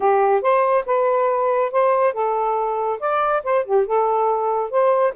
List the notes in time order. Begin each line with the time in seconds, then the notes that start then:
0.00 G4
0.41 C5
0.86 B4
1.71 C5
2.13 A4
2.99 D5
3.43 C5
3.64 G4
3.86 A4
4.70 C5